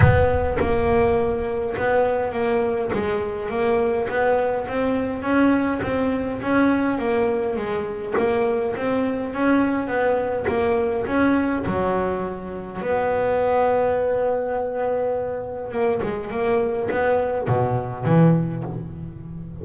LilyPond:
\new Staff \with { instrumentName = "double bass" } { \time 4/4 \tempo 4 = 103 b4 ais2 b4 | ais4 gis4 ais4 b4 | c'4 cis'4 c'4 cis'4 | ais4 gis4 ais4 c'4 |
cis'4 b4 ais4 cis'4 | fis2 b2~ | b2. ais8 gis8 | ais4 b4 b,4 e4 | }